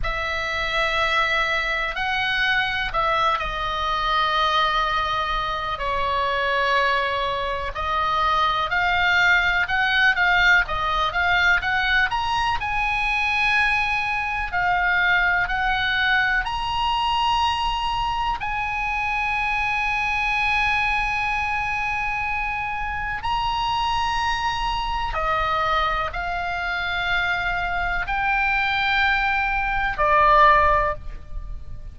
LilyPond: \new Staff \with { instrumentName = "oboe" } { \time 4/4 \tempo 4 = 62 e''2 fis''4 e''8 dis''8~ | dis''2 cis''2 | dis''4 f''4 fis''8 f''8 dis''8 f''8 | fis''8 ais''8 gis''2 f''4 |
fis''4 ais''2 gis''4~ | gis''1 | ais''2 dis''4 f''4~ | f''4 g''2 d''4 | }